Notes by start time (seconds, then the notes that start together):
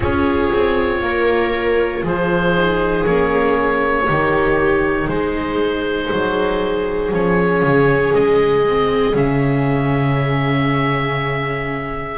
0.00 C#4 F4 G#4 C#5
0.53 C4
1.01 A#3 A#4
2.02 F3 G#4 C5
2.57 D#4
3.05 A#3 C#4 C#5
4.06 D#3 D#4 G4
5.07 G#3 G#4 C5
6.11 F#3
7.11 F3 C#4 C#5
7.62 C#3
8.14 G#3 D#5
8.68 C4
9.14 C#3 C#4 E5